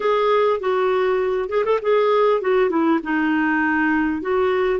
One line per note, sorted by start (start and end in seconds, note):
0.00 0.60 G#4
0.60 1.49 F#4
1.49 1.64 G#4
1.64 1.79 A4
1.81 2.41 G#4
2.41 2.69 F#4
2.69 2.99 E4
3.03 4.21 D#4
4.21 4.79 F#4